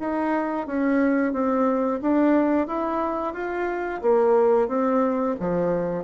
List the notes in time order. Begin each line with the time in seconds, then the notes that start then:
0.00 D#4
0.67 C#4
1.33 C4
2.02 D4
2.67 E4
3.34 F4
4.02 A#3
4.69 C4
5.40 F3